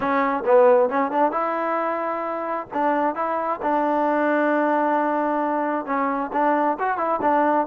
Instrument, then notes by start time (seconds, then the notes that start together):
trombone
0.00 C#4
0.45 B3
0.89 C#4
1.11 D4
1.31 E4
2.73 D4
3.15 E4
3.62 D4
5.85 C#4
6.32 D4
6.79 F#4
6.97 E4
7.21 D4